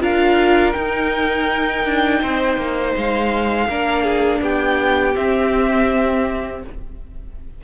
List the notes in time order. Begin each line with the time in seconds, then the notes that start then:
0.00 D4 F4 A#4 F5
0.73 D#4 G5
1.85 D4
2.20 C4 C5
2.56 A#3
2.97 G#3 F5
3.68 A#3 D4 A#4
4.03 G#4
4.41 B3 G4 G5
5.14 C4 E5